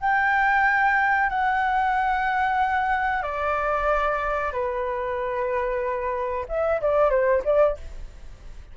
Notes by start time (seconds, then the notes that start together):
0.00 G5
1.29 F#5
3.23 D5
4.52 B4
6.48 E5
6.81 D5
7.10 C5
7.44 D5